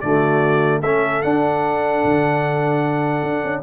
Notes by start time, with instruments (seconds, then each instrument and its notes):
0.00 tuba D3, trombone A3, horn F#4, trumpet D5
0.79 tuba A3, trombone C#4, horn A4, trumpet E5
1.22 trombone D4, tuba D4, trumpet F#5
2.04 tuba D3
3.22 tuba D4
3.43 tuba C#4